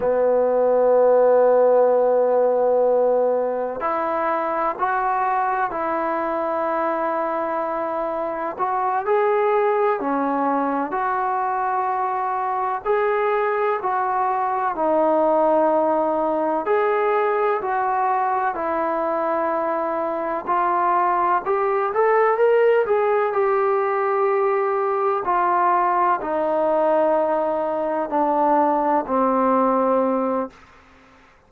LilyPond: \new Staff \with { instrumentName = "trombone" } { \time 4/4 \tempo 4 = 63 b1 | e'4 fis'4 e'2~ | e'4 fis'8 gis'4 cis'4 fis'8~ | fis'4. gis'4 fis'4 dis'8~ |
dis'4. gis'4 fis'4 e'8~ | e'4. f'4 g'8 a'8 ais'8 | gis'8 g'2 f'4 dis'8~ | dis'4. d'4 c'4. | }